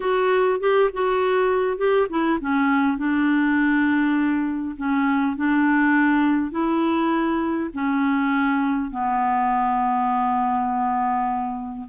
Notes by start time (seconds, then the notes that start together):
0.00 F#4
0.60 G4
0.93 F#4
1.77 G4
2.09 E4
2.40 C#4
2.97 D4
4.77 C#4
5.36 D4
6.51 E4
7.73 C#4
8.91 B3